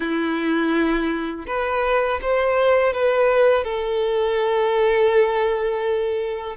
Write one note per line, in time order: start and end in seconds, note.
0.00 1.46 E4
1.46 2.20 B4
2.21 2.93 C5
2.93 3.64 B4
3.64 6.56 A4